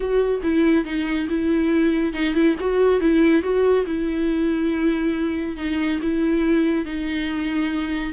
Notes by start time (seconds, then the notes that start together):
0.00 F#4
0.43 E4
0.85 D#4
1.29 E4
2.13 D#4
2.34 E4
2.60 F#4
3.00 E4
3.42 F#4
3.86 E4
5.57 D#4
6.02 E4
6.85 D#4